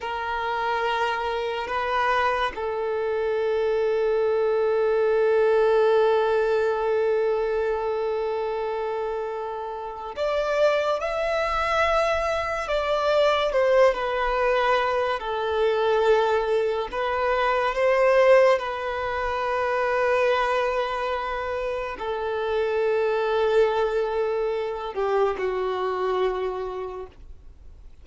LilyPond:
\new Staff \with { instrumentName = "violin" } { \time 4/4 \tempo 4 = 71 ais'2 b'4 a'4~ | a'1~ | a'1 | d''4 e''2 d''4 |
c''8 b'4. a'2 | b'4 c''4 b'2~ | b'2 a'2~ | a'4. g'8 fis'2 | }